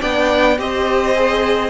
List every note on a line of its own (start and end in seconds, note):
0.00 0.59 B3
0.00 0.57 D4
0.00 0.57 D5
0.00 0.59 G5
0.59 1.70 C4
0.59 1.15 G4
0.59 1.70 C5
0.59 1.70 D#5
1.15 1.70 G#4